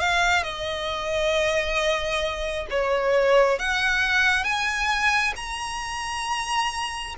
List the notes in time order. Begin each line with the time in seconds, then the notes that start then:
0.00 F5
0.44 D#5
2.71 C#5
3.59 F#5
4.44 G#5
5.36 A#5